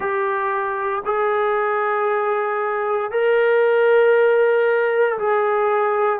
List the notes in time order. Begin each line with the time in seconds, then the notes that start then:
0.00 G4
1.05 G#4
3.11 A#4
5.18 G#4